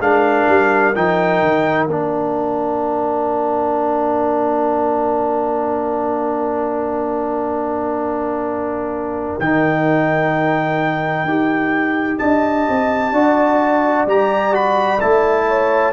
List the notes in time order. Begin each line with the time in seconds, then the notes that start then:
0.00 G#3 D4 A#4 F5
0.49 G3
0.95 F3 D#4 G5
1.42 D#3
1.85 A#3 D4 F5
9.39 D#3 D#4 G5
11.24 D#4 G4
12.17 D4 D#5 A5
12.69 C4
13.12 D4 F#4 D5
14.06 G3 G4 A#5
14.52 F#4 B5
15.01 A3 E4 A5
15.48 C#5